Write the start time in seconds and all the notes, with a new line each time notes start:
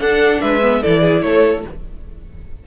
0.00 D4 A4 F#5
0.41 G#3 B4 E5
0.62 B3
0.81 E3 E4 A4 D5
1.01 G#4
1.22 A3 A4 C#5